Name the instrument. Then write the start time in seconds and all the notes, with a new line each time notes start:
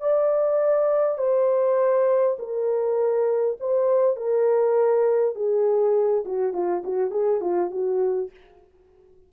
horn
0.00 D5
1.18 C5
2.39 A#4
3.60 C5
4.16 A#4
5.35 G#4
6.25 F#4
6.53 F4
6.84 F#4
7.11 G#4
7.41 F4
7.71 F#4